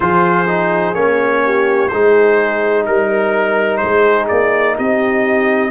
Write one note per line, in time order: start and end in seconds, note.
0.00 0.94 F3
0.00 0.46 F4
0.00 1.43 G#4
0.00 0.94 C5
0.47 0.94 D#4
0.94 1.89 A#3
0.94 1.90 C#4
0.94 1.88 C#5
1.44 1.91 G4
1.88 2.87 G#3
1.88 5.70 D#4
1.88 2.87 G#4
1.88 2.83 C5
2.85 3.82 G3
2.85 3.77 A#4
2.85 3.80 A#4
3.77 4.30 G#3
3.77 4.75 G#4
3.77 4.24 C5
4.28 4.78 A#3
4.28 4.75 D5
4.76 5.70 C4
4.76 5.70 G4
4.76 5.70 D#5